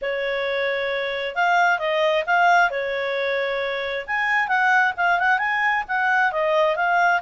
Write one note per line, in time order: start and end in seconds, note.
0.01 1.35 C#5
1.35 1.78 F5
1.78 2.23 D#5
2.26 2.70 F5
2.70 4.05 C#5
4.07 4.48 G#5
4.48 4.93 F#5
4.96 5.19 F5
5.19 5.38 F#5
5.38 5.83 G#5
5.87 6.32 F#5
6.32 6.76 D#5
6.76 7.21 F5